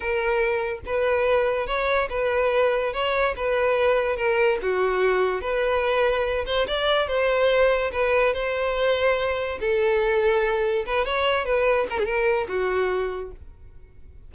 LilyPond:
\new Staff \with { instrumentName = "violin" } { \time 4/4 \tempo 4 = 144 ais'2 b'2 | cis''4 b'2 cis''4 | b'2 ais'4 fis'4~ | fis'4 b'2~ b'8 c''8 |
d''4 c''2 b'4 | c''2. a'4~ | a'2 b'8 cis''4 b'8~ | b'8 ais'16 gis'16 ais'4 fis'2 | }